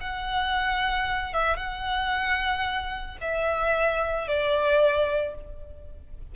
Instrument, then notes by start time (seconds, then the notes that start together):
violin
0.00 F#5
1.33 E5
1.56 F#5
3.21 E5
4.28 D5